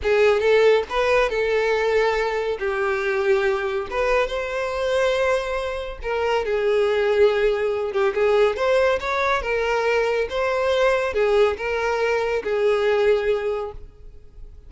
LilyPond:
\new Staff \with { instrumentName = "violin" } { \time 4/4 \tempo 4 = 140 gis'4 a'4 b'4 a'4~ | a'2 g'2~ | g'4 b'4 c''2~ | c''2 ais'4 gis'4~ |
gis'2~ gis'8 g'8 gis'4 | c''4 cis''4 ais'2 | c''2 gis'4 ais'4~ | ais'4 gis'2. | }